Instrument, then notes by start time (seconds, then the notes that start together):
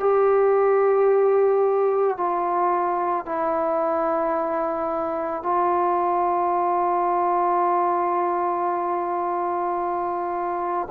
trombone
0.00 G4
2.18 F4
3.26 E4
5.43 F4